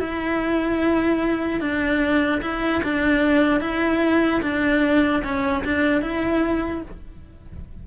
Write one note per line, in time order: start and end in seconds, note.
0.00 1.61 E4
1.61 2.41 D4
2.42 2.82 E4
2.84 3.61 D4
3.61 4.42 E4
4.43 5.23 D4
5.24 5.64 C#4
5.65 6.02 D4
6.02 6.83 E4